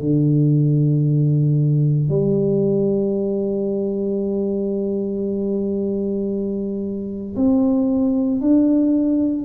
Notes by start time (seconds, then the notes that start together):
0.00 D3
2.09 G3
7.36 C4
8.41 D4